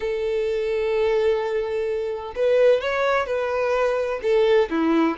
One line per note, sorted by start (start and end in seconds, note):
0.00 2.34 A4
2.35 2.80 B4
2.80 3.26 C#5
3.26 4.20 B4
4.22 4.69 A4
4.70 5.17 E4